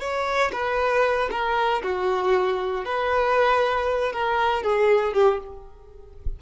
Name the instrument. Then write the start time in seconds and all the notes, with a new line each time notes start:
violin
0.00 C#5
0.52 B4
1.31 A#4
1.83 F#4
2.85 B4
4.13 A#4
4.63 G#4
5.13 G4